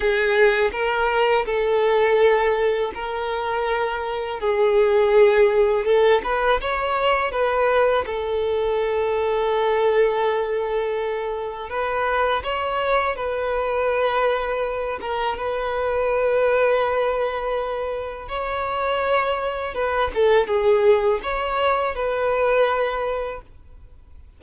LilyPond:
\new Staff \with { instrumentName = "violin" } { \time 4/4 \tempo 4 = 82 gis'4 ais'4 a'2 | ais'2 gis'2 | a'8 b'8 cis''4 b'4 a'4~ | a'1 |
b'4 cis''4 b'2~ | b'8 ais'8 b'2.~ | b'4 cis''2 b'8 a'8 | gis'4 cis''4 b'2 | }